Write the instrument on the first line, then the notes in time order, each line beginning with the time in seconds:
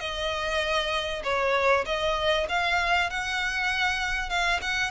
violin
0.00 D#5
1.24 C#5
1.86 D#5
2.49 F5
3.10 F#5
4.30 F5
4.61 F#5